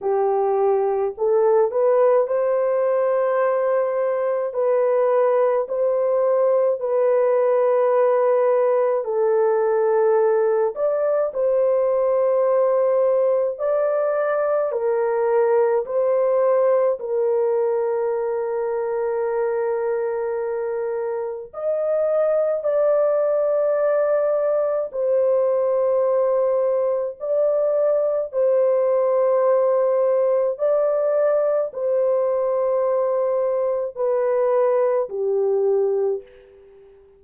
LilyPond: \new Staff \with { instrumentName = "horn" } { \time 4/4 \tempo 4 = 53 g'4 a'8 b'8 c''2 | b'4 c''4 b'2 | a'4. d''8 c''2 | d''4 ais'4 c''4 ais'4~ |
ais'2. dis''4 | d''2 c''2 | d''4 c''2 d''4 | c''2 b'4 g'4 | }